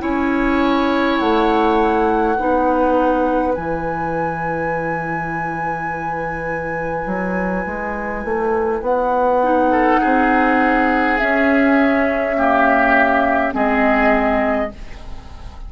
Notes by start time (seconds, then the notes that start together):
0.00 C#4 E4 C#5 G#5
1.19 A3 F#5
2.37 B3 D#4 B4
3.53 E3 E4 G#5
7.07 F#3
7.66 G#3
8.25 A3
8.82 B3 F#5
9.43 D#4
9.71 A4
10.01 C4 G#4
11.18 C#4 E5
12.37 A#3 G4
13.52 G#3 C4 G#4 D#5